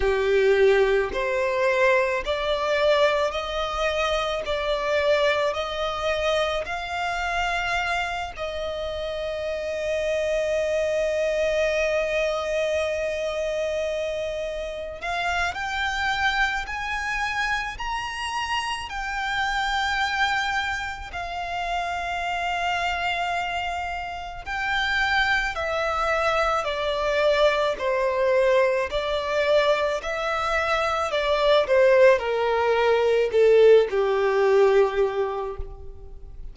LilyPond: \new Staff \with { instrumentName = "violin" } { \time 4/4 \tempo 4 = 54 g'4 c''4 d''4 dis''4 | d''4 dis''4 f''4. dis''8~ | dis''1~ | dis''4. f''8 g''4 gis''4 |
ais''4 g''2 f''4~ | f''2 g''4 e''4 | d''4 c''4 d''4 e''4 | d''8 c''8 ais'4 a'8 g'4. | }